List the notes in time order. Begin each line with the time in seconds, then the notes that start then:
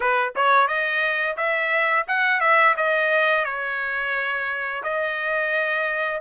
0.00 B4
0.35 C#5
0.67 D#5
1.36 E5
2.07 F#5
2.40 E5
2.76 D#5
3.45 C#5
4.83 D#5